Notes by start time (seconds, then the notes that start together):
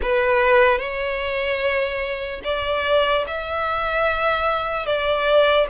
0.01 B4
0.79 C#5
2.44 D5
3.27 E5
4.85 D5